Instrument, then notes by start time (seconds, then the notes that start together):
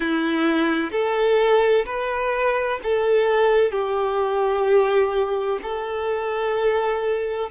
violin
0.00 E4
0.91 A4
1.85 B4
2.83 A4
3.71 G4
5.62 A4